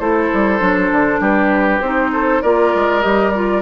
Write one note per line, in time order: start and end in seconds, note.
0.00 0.30 A3
0.00 0.59 E4
0.00 1.20 A4
0.00 1.21 C5
0.33 0.61 G3
0.59 0.91 F#3
0.59 1.80 D4
0.92 1.20 D3
1.20 1.81 G3
1.20 2.11 G4
1.20 1.81 B4
1.81 2.42 C4
1.81 2.44 D#4
1.81 2.42 C5
2.13 2.42 A4
2.42 2.74 A#3
2.42 3.02 F4
2.42 3.62 A#4
2.42 3.02 D5
2.75 3.04 G#3
3.02 3.62 G3
3.02 3.32 G4
3.02 3.31 D#5
3.31 3.62 F4
3.31 3.61 D5